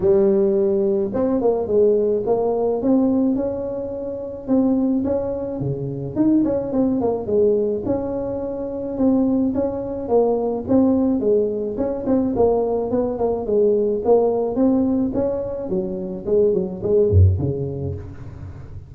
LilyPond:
\new Staff \with { instrumentName = "tuba" } { \time 4/4 \tempo 4 = 107 g2 c'8 ais8 gis4 | ais4 c'4 cis'2 | c'4 cis'4 cis4 dis'8 cis'8 | c'8 ais8 gis4 cis'2 |
c'4 cis'4 ais4 c'4 | gis4 cis'8 c'8 ais4 b8 ais8 | gis4 ais4 c'4 cis'4 | fis4 gis8 fis8 gis8 fis,8 cis4 | }